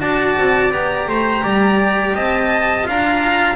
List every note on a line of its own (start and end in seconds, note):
0.00 0.37 D4
0.00 0.70 F#4
0.00 1.09 D5
0.00 0.71 A5
0.37 0.71 C4
0.70 1.07 B3
0.70 2.84 G4
0.70 2.15 A#5
1.07 1.43 A3
1.07 1.43 C5
1.43 2.15 G3
1.43 2.15 D5
2.15 2.87 C4
2.15 2.86 D#5
2.15 2.87 A5
2.84 3.55 D4
2.84 3.55 F4
2.84 3.55 F5
2.84 3.55 A#5